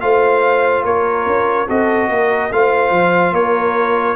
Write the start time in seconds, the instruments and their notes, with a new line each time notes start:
0.00 tuba A3, trombone F4, horn C5, trumpet F5
0.84 tuba A#3, horn A#4, trumpet C#5
1.26 tuba C#4
1.67 tuba C4, trombone F#4, horn A4, trumpet D#5
2.09 tuba A#3, horn A#4
2.51 tuba A3, trombone F4, horn C5, trumpet F5
2.90 tuba F3
3.32 tuba A#3, horn A#4, trumpet C#5